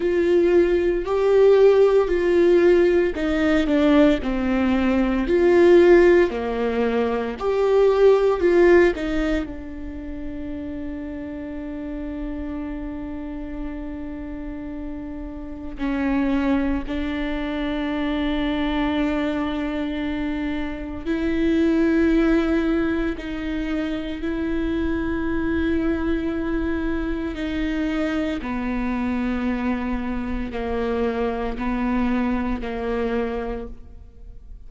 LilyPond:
\new Staff \with { instrumentName = "viola" } { \time 4/4 \tempo 4 = 57 f'4 g'4 f'4 dis'8 d'8 | c'4 f'4 ais4 g'4 | f'8 dis'8 d'2.~ | d'2. cis'4 |
d'1 | e'2 dis'4 e'4~ | e'2 dis'4 b4~ | b4 ais4 b4 ais4 | }